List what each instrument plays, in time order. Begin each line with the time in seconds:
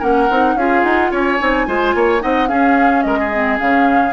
0.00 bassoon A#3, clarinet C#4, oboe A#4, flute F#5
0.30 bassoon C4, clarinet D#4
0.56 bassoon C#4, clarinet F4, oboe G#4, flute F5
0.84 bassoon D#4, flute F#5
1.12 bassoon C#4, oboe C#5, flute G#5
1.40 bassoon C4, clarinet D#4
1.67 bassoon G#3, clarinet F4, oboe C5
1.95 bassoon A#3, oboe C#5
2.21 bassoon C4, clarinet D#4, oboe D#5, flute F#5
2.48 clarinet C#4, bassoon C#4, oboe G#4, flute F5
3.03 bassoon G#3, oboe A#4, flute D#5
3.19 oboe G#4
3.34 clarinet C4
3.59 bassoon C#3, clarinet C#4, flute F5